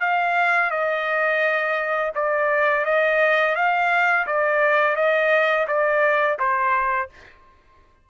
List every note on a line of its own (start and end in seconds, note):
0.00 0.70 F5
0.70 2.11 D#5
2.15 2.85 D5
2.85 3.55 D#5
3.55 4.26 F5
4.26 4.96 D5
4.96 5.66 D#5
5.67 6.38 D5
6.39 7.09 C5